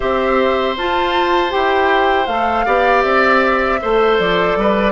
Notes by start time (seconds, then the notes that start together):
0.00 C4 G4 C5 E5
0.77 F4 A5
1.49 E4 G4 G5
2.26 A3 A4 F5
2.65 B3 G4 D5
3.02 C4 E5
3.81 A3 A4 C5
4.19 F3 D5
4.56 G3 B4